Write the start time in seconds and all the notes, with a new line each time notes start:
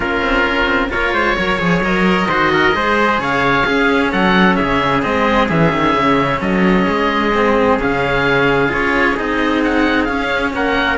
0.00 A#3 C#4 F4 A#4
0.22 C4
0.47 C#4
0.65 C4
0.89 A#3 F4 A#4 C#5
1.13 G#3 C5
1.36 F#3 A#4 C#5
1.58 F3 G#4
1.80 F#3 A#4 D#5
2.28 D#3 F#4 C5
2.52 A#4
2.72 G#3 G#4 C5
3.18 C#3 C#5 F5
3.65 C#4 G#4
4.11 F#3 A4 F#5
4.55 C#3 G#4 E5
5.02 G#3 C4 D#5
5.48 E3 C#4 E5
5.72 D#3
5.94 C#3
6.40 F#3 A4 D#5
6.86 G#3 G#4
7.34 C4
7.79 C#3 C#4 F5
8.68 C#4 F4 C#5
9.17 C4 D#4 D#5
9.63 F#5
10.04 C#4 F5
10.53 A#3 A#4 F#5